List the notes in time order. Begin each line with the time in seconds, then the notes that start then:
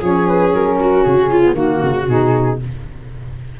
0.00 F3 C#4 G#4 C#5
0.27 B4
0.53 F#3 A#4
0.80 F#4
1.03 C#3 G#4
1.30 F4
1.42 B3
1.53 D#3 A#3 F#4
1.83 C#3
2.08 B2 D#4 G#4